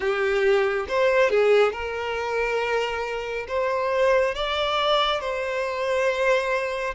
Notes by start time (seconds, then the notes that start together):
0.00 G4
0.88 C5
1.30 G#4
1.72 A#4
3.47 C5
4.34 D5
5.20 C5